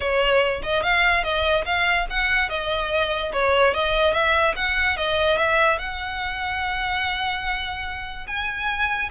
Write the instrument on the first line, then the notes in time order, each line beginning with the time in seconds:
violin
0.00 C#5
0.63 D#5
0.83 F5
1.23 D#5
1.65 F5
2.10 F#5
2.49 D#5
3.32 C#5
3.74 D#5
4.13 E5
4.56 F#5
4.96 D#5
5.37 E5
5.78 F#5
8.27 G#5